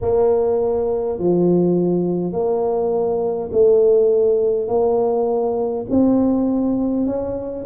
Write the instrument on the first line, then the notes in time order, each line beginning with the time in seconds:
tuba
0.01 A#3
1.18 F3
2.32 A#3
3.51 A3
4.67 A#3
5.90 C4
7.06 C#4